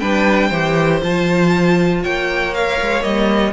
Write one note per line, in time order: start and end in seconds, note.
0.00 0.51 G3
0.00 0.51 D4
0.00 0.48 B4
0.00 1.01 G5
0.48 1.02 E3
0.48 1.02 G4
0.48 2.00 C5
1.02 2.05 F3
1.02 2.53 F4
1.02 2.04 A5
2.03 2.81 A#3
2.03 3.53 C#5
2.03 2.54 G5
2.54 3.01 A#4
2.54 3.03 F5
2.81 3.04 G#3
3.01 3.53 G3
3.01 3.51 A#3
3.01 3.53 D#5